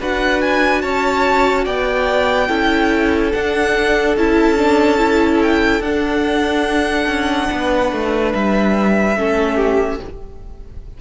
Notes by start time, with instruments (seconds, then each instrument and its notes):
0.00 cello D4, viola F#4, violin B4 F#5
0.41 violin G#5
0.81 cello C#4, violin C#5 A5
1.64 cello B3, violin D5 G5
2.48 cello C#4, viola E4, violin A4
3.32 viola D4, cello D4, violin F#5
4.16 cello C#4, viola E4, violin A5
4.57 viola D4
4.98 viola E4
5.42 violin G5
5.81 cello D4, viola D4, violin F#5
7.07 cello C#4
7.51 cello B3, violin B4
7.92 cello A3
8.34 cello G3, violin E5
9.16 cello A3, viola C#4, violin A4
9.56 violin G4